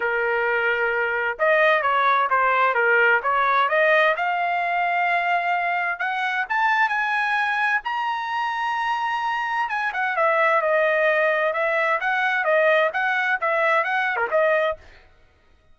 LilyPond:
\new Staff \with { instrumentName = "trumpet" } { \time 4/4 \tempo 4 = 130 ais'2. dis''4 | cis''4 c''4 ais'4 cis''4 | dis''4 f''2.~ | f''4 fis''4 a''4 gis''4~ |
gis''4 ais''2.~ | ais''4 gis''8 fis''8 e''4 dis''4~ | dis''4 e''4 fis''4 dis''4 | fis''4 e''4 fis''8. ais'16 dis''4 | }